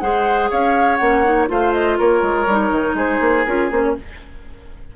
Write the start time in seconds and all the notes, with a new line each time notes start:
0.00 G#3 G#4 C5 F#5
0.50 C#4 C#5 F5
0.96 A#3 C#4 F#5
1.24 D#4
1.48 A3 F4 C5 F5
1.73 D#5
1.98 A#3 A#4 C#5
2.22 G#3
2.47 G3 D#4
2.71 D#3
2.94 G#3 G#4 C5
3.20 A#3
3.45 C#4 F4 A#4
3.71 A#3 C#4 C5
3.83 C#5